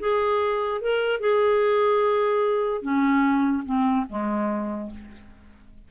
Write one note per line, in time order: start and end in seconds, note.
0.00 0.81 G#4
0.81 1.20 A#4
1.20 2.82 G#4
2.82 3.64 C#4
3.65 4.06 C4
4.09 4.91 G#3